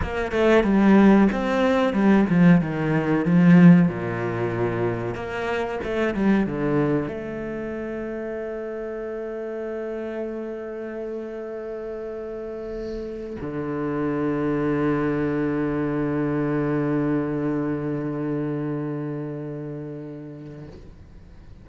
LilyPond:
\new Staff \with { instrumentName = "cello" } { \time 4/4 \tempo 4 = 93 ais8 a8 g4 c'4 g8 f8 | dis4 f4 ais,2 | ais4 a8 g8 d4 a4~ | a1~ |
a1~ | a8. d2.~ d16~ | d1~ | d1 | }